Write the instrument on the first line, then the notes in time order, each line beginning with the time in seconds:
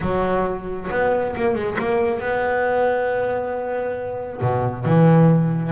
double bass
0.00 F#3
0.90 B3
1.36 A#3
1.54 G#3
1.78 A#3
2.20 B3
4.41 B2
4.85 E3